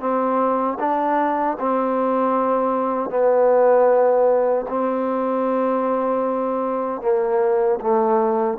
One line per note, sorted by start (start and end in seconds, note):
0.00 0.78 C4
0.80 1.58 D4
1.59 3.10 C4
3.10 4.66 B3
4.69 7.02 C4
7.02 7.80 A#3
7.81 8.59 A3